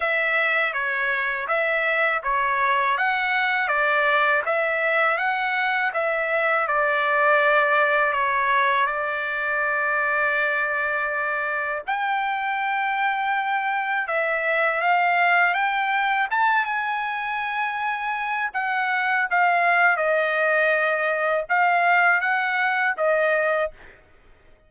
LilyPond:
\new Staff \with { instrumentName = "trumpet" } { \time 4/4 \tempo 4 = 81 e''4 cis''4 e''4 cis''4 | fis''4 d''4 e''4 fis''4 | e''4 d''2 cis''4 | d''1 |
g''2. e''4 | f''4 g''4 a''8 gis''4.~ | gis''4 fis''4 f''4 dis''4~ | dis''4 f''4 fis''4 dis''4 | }